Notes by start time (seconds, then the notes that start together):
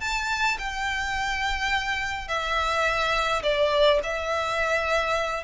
0.00 A5
0.58 G5
2.28 E5
3.43 D5
4.03 E5